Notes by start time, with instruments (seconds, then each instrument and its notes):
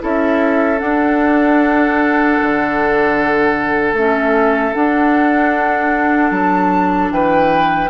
0.00 bassoon C#4, clarinet E4, oboe A4, flute E5
0.79 clarinet D4, bassoon D4, flute F#5
2.42 bassoon D3
3.93 bassoon A3, clarinet C#4, flute E5
4.74 clarinet D4, bassoon D4, flute F#5
6.31 bassoon F#3, flute A5
7.11 bassoon E3, oboe B4, flute G5